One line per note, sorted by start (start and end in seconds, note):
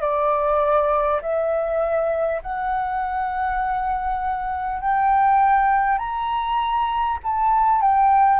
0.00 1.20 D5
1.21 2.41 E5
2.42 4.81 F#5
4.81 5.98 G5
5.98 7.18 A#5
7.23 7.81 A5
7.81 8.39 G5